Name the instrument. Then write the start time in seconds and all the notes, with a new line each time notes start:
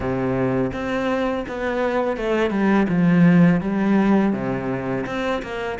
cello
0.00 C3
0.73 C4
1.48 B3
2.17 A3
2.50 G3
2.88 F3
3.60 G3
4.32 C3
5.06 C4
5.42 A#3